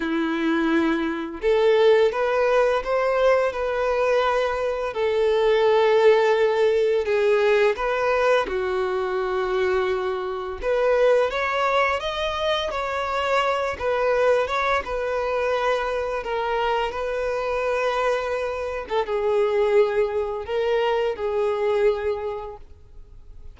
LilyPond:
\new Staff \with { instrumentName = "violin" } { \time 4/4 \tempo 4 = 85 e'2 a'4 b'4 | c''4 b'2 a'4~ | a'2 gis'4 b'4 | fis'2. b'4 |
cis''4 dis''4 cis''4. b'8~ | b'8 cis''8 b'2 ais'4 | b'2~ b'8. a'16 gis'4~ | gis'4 ais'4 gis'2 | }